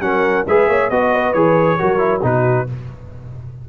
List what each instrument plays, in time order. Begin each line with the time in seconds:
0.00 tuba F#3, trombone C#4, horn A#4, trumpet F#5
0.46 tuba G#3, trombone G#4, horn B4, trumpet E5
0.68 tuba A#3, horn C#5
0.90 tuba B3, trombone F#4, trumpet D#5, horn D#5
1.14 horn B4
1.33 tuba E3, trombone G#4, trumpet C#5
1.78 tuba F#3, trombone F#4, horn A#4
1.98 trombone E4
2.22 tuba B2, trombone D#4, horn F#4, trumpet B4